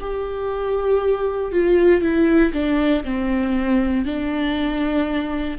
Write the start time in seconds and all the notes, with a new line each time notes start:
0.00 G4
1.52 F4
2.02 E4
2.53 D4
3.04 C4
4.05 D4